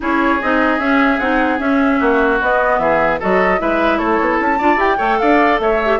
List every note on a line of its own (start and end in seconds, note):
0.00 0.41 C#4
0.00 0.40 E4
0.00 1.99 G#4
0.00 0.41 C#5
0.41 0.78 C4
0.41 0.79 D#4
0.41 0.79 D#5
0.78 1.18 C#4
0.78 1.19 C#4
0.78 1.19 E5
1.19 1.59 C4
1.19 1.59 D#4
1.19 1.59 F#5
1.59 2.39 C#4
1.59 1.99 C#4
1.59 2.39 E5
1.99 2.40 A#3
1.99 2.79 F#4
2.40 2.78 B3
2.40 3.20 B3
2.40 2.78 D#5
2.78 3.18 E3
2.78 3.19 G#4
2.78 3.18 E5
3.19 3.60 F#3
3.19 3.58 F#4
3.19 3.59 A4
3.19 3.60 D#5
3.58 3.99 G#3
3.58 4.58 E4
3.58 3.98 B4
3.58 3.98 E5
3.98 4.19 A3
3.98 4.58 A4
3.98 4.38 C#5
4.19 4.39 B3
4.40 4.60 C#4
4.40 4.80 A5
4.58 4.76 D4
4.58 4.77 F4
4.58 4.97 D5
4.76 4.96 E4
4.76 4.97 G4
4.76 5.19 G5
4.97 5.20 A3
4.97 5.77 A4
4.97 5.17 C#5
5.19 5.59 D4
5.19 5.61 D5
5.19 5.59 F5
5.59 5.99 A3
5.59 5.99 C#5
5.59 5.99 E5
5.85 5.99 G4